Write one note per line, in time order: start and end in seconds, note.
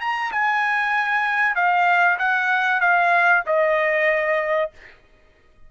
0.00 0.31 A#5
0.31 1.55 G#5
1.55 2.18 F5
2.18 2.80 F#5
2.80 3.43 F5
3.46 4.71 D#5